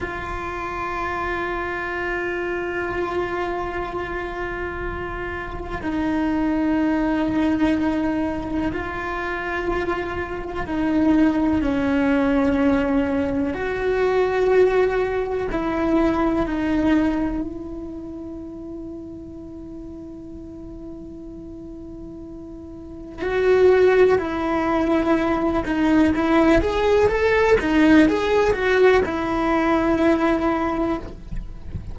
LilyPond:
\new Staff \with { instrumentName = "cello" } { \time 4/4 \tempo 4 = 62 f'1~ | f'2 dis'2~ | dis'4 f'2 dis'4 | cis'2 fis'2 |
e'4 dis'4 e'2~ | e'1 | fis'4 e'4. dis'8 e'8 gis'8 | a'8 dis'8 gis'8 fis'8 e'2 | }